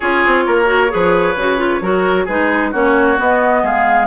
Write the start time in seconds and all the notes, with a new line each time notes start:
0.00 C#4 F4 G#4 C#5
0.26 C4
0.46 A#3 A#4
0.65 F#4
0.88 F3 G#4 B4
1.35 C#3 F#4
1.57 F4
1.80 F#3 F#4 A#4
2.24 G#3 D#4 G#4 B4
2.71 A#3 C#4 F#4 C#5
3.16 B3 D#5
3.63 G#3 G#4 F5